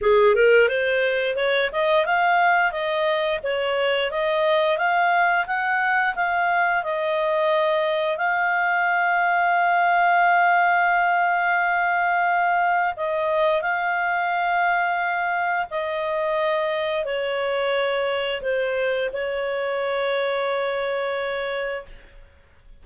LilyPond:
\new Staff \with { instrumentName = "clarinet" } { \time 4/4 \tempo 4 = 88 gis'8 ais'8 c''4 cis''8 dis''8 f''4 | dis''4 cis''4 dis''4 f''4 | fis''4 f''4 dis''2 | f''1~ |
f''2. dis''4 | f''2. dis''4~ | dis''4 cis''2 c''4 | cis''1 | }